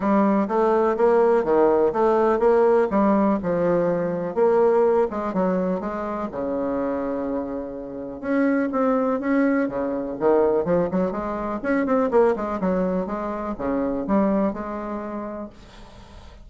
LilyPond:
\new Staff \with { instrumentName = "bassoon" } { \time 4/4 \tempo 4 = 124 g4 a4 ais4 dis4 | a4 ais4 g4 f4~ | f4 ais4. gis8 fis4 | gis4 cis2.~ |
cis4 cis'4 c'4 cis'4 | cis4 dis4 f8 fis8 gis4 | cis'8 c'8 ais8 gis8 fis4 gis4 | cis4 g4 gis2 | }